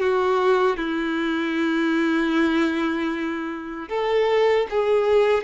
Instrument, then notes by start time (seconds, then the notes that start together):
violin
0.00 F#4
0.77 E4
3.89 A4
4.70 G#4